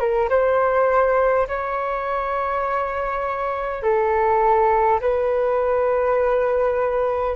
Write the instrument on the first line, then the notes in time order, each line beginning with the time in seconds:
flute
0.00 A#4
0.30 C5
1.48 C#5
3.83 A4
5.01 B4